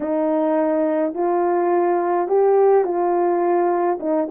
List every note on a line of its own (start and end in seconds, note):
0.00 1.14 D#4
1.14 2.28 F4
2.28 2.84 G4
2.84 3.98 F4
4.00 4.28 D#4